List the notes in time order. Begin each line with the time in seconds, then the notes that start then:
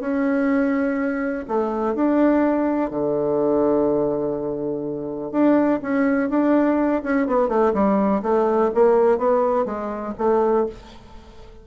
0.00 C#4
1.48 A3
1.94 D4
2.90 D3
5.31 D4
5.82 C#4
6.29 D4
7.03 C#4
7.27 B3
7.48 A3
7.73 G3
8.22 A3
8.74 A#3
9.18 B3
9.65 G#3
10.18 A3